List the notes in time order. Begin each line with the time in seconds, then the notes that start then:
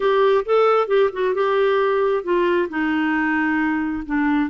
0.00 G4
0.45 A4
0.87 G4
1.12 F#4
1.34 G4
2.23 F4
2.69 D#4
4.06 D4